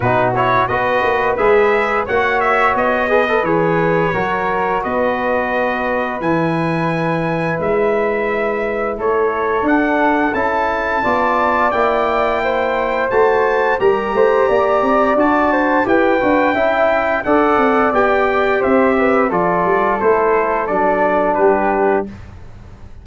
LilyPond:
<<
  \new Staff \with { instrumentName = "trumpet" } { \time 4/4 \tempo 4 = 87 b'8 cis''8 dis''4 e''4 fis''8 e''8 | dis''4 cis''2 dis''4~ | dis''4 gis''2 e''4~ | e''4 cis''4 fis''4 a''4~ |
a''4 g''2 a''4 | ais''2 a''4 g''4~ | g''4 fis''4 g''4 e''4 | d''4 c''4 d''4 b'4 | }
  \new Staff \with { instrumentName = "flute" } { \time 4/4 fis'4 b'2 cis''4~ | cis''8 b'4. ais'4 b'4~ | b'1~ | b'4 a'2. |
d''2 c''2 | ais'8 c''8 d''4. c''8 b'4 | e''4 d''2 c''8 b'8 | a'2. g'4 | }
  \new Staff \with { instrumentName = "trombone" } { \time 4/4 dis'8 e'8 fis'4 gis'4 fis'4~ | fis'8 gis'16 a'16 gis'4 fis'2~ | fis'4 e'2.~ | e'2 d'4 e'4 |
f'4 e'2 fis'4 | g'2 fis'4 g'8 fis'8 | e'4 a'4 g'2 | f'4 e'4 d'2 | }
  \new Staff \with { instrumentName = "tuba" } { \time 4/4 b,4 b8 ais8 gis4 ais4 | b4 e4 fis4 b4~ | b4 e2 gis4~ | gis4 a4 d'4 cis'4 |
b4 ais2 a4 | g8 a8 ais8 c'8 d'4 e'8 d'8 | cis'4 d'8 c'8 b4 c'4 | f8 g8 a4 fis4 g4 | }
>>